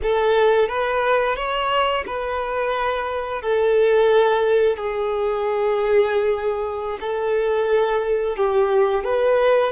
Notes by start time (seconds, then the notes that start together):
0.02 A4
0.68 B4
1.36 C#5
2.06 B4
3.42 A4
4.76 G#4
7.00 A4
8.36 G4
9.04 B4